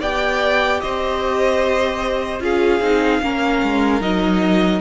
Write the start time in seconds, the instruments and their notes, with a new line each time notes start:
0.00 cello B3, viola G4, violin D5 G5
0.81 cello C4, violin C5 D#5
2.40 cello C#4, viola F4, violin G#4 F5
2.80 cello C4, viola D#4
3.22 cello A#3, viola C#4, violin A#4
3.63 cello G#3
4.01 cello F#3, viola D#4, violin D#5